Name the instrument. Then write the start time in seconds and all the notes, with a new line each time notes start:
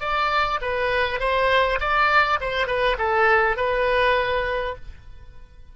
oboe
0.00 D5
0.61 B4
1.19 C5
1.80 D5
2.40 C5
2.67 B4
2.98 A4
3.56 B4